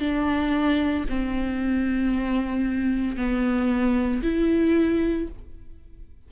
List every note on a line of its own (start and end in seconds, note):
0.00 1.05 D4
1.10 3.17 C4
3.17 4.22 B3
4.23 5.28 E4